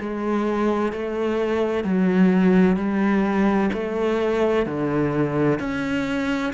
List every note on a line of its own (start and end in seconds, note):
0.00 0.92 G#3
0.92 1.84 A3
1.84 2.77 F#3
2.77 3.70 G3
3.73 4.66 A3
4.66 5.59 D3
5.59 6.53 C#4